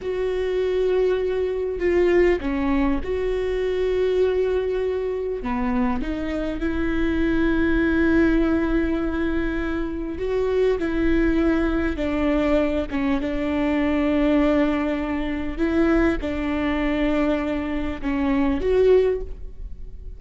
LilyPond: \new Staff \with { instrumentName = "viola" } { \time 4/4 \tempo 4 = 100 fis'2. f'4 | cis'4 fis'2.~ | fis'4 b4 dis'4 e'4~ | e'1~ |
e'4 fis'4 e'2 | d'4. cis'8 d'2~ | d'2 e'4 d'4~ | d'2 cis'4 fis'4 | }